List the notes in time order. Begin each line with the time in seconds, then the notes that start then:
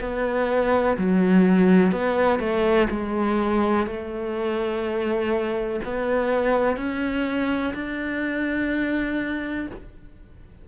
0.00 B3
0.97 F#3
1.91 B3
2.39 A3
2.90 G#3
3.86 A3
5.84 B3
6.76 C#4
7.73 D4